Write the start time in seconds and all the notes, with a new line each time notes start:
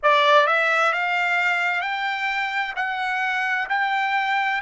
0.03 D5
0.47 E5
0.92 F5
1.81 G5
2.76 F#5
3.69 G5